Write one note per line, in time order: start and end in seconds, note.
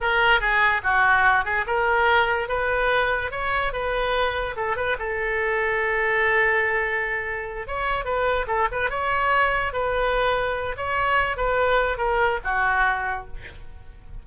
0.01 0.40 A#4
0.40 0.81 G#4
0.83 1.44 F#4
1.44 1.65 G#4
1.66 2.48 A#4
2.48 3.31 B4
3.31 3.72 C#5
3.72 4.55 B4
4.56 4.76 A4
4.76 4.97 B4
4.98 7.67 A4
7.67 8.04 C#5
8.04 8.46 B4
8.47 8.68 A4
8.71 8.89 B4
8.89 9.72 C#5
9.72 10.76 B4
10.76 11.36 C#5
11.36 11.97 B4
11.97 12.39 A#4
12.43 13.26 F#4